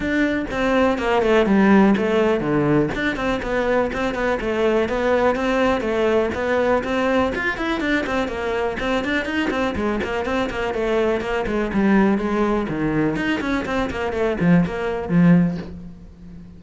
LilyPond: \new Staff \with { instrumentName = "cello" } { \time 4/4 \tempo 4 = 123 d'4 c'4 ais8 a8 g4 | a4 d4 d'8 c'8 b4 | c'8 b8 a4 b4 c'4 | a4 b4 c'4 f'8 e'8 |
d'8 c'8 ais4 c'8 d'8 dis'8 c'8 | gis8 ais8 c'8 ais8 a4 ais8 gis8 | g4 gis4 dis4 dis'8 cis'8 | c'8 ais8 a8 f8 ais4 f4 | }